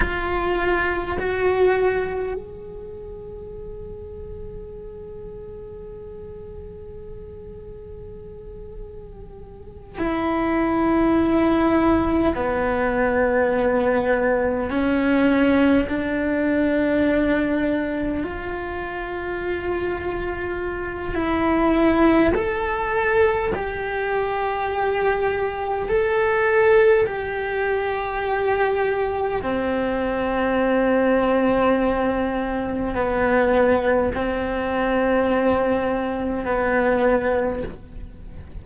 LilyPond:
\new Staff \with { instrumentName = "cello" } { \time 4/4 \tempo 4 = 51 f'4 fis'4 gis'2~ | gis'1~ | gis'8 e'2 b4.~ | b8 cis'4 d'2 f'8~ |
f'2 e'4 a'4 | g'2 a'4 g'4~ | g'4 c'2. | b4 c'2 b4 | }